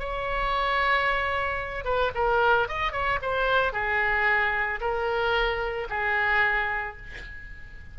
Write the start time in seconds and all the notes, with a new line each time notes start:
0.00 C#5
1.85 B4
2.15 A#4
2.69 D#5
2.93 C#5
3.22 C5
3.73 G#4
4.81 A#4
5.90 G#4